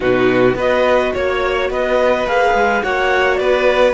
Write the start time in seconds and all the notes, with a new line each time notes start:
0.00 B2 D#4 F#4 B4
0.55 B3 F#4 B4 D#5
1.13 A#3 C#5
1.70 B3 B4 D#5
2.26 A#3 G#4 F5
2.54 G#3
2.82 A#3 F#4 C#5 F#5
3.35 B3 B4 D5